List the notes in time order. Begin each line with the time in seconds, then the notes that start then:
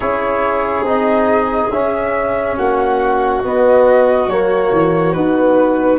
0.00 C#4 E4 G#4 C#5
0.82 C4 D#4 D#5
1.70 C#4 E5
2.56 A#3 F#4 F#5
3.43 B3 D#5
4.27 F#3 A#3 C#5
4.72 E3
5.13 B3 D#4 B4